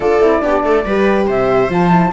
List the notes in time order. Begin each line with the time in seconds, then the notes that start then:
0.00 D4 F4 A4 D5
0.20 C4 E4
0.41 B3 D4 G4
0.63 A3 A4
0.85 G3 G4 B4
1.26 C3 C5 E5
1.69 F3 F4 A5
1.89 E4